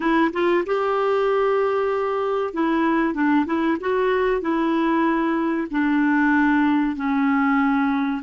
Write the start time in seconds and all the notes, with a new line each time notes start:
0.00 E4
0.32 F4
0.66 G4
2.53 E4
3.13 D4
3.46 E4
3.80 F#4
4.41 E4
5.70 D4
6.96 C#4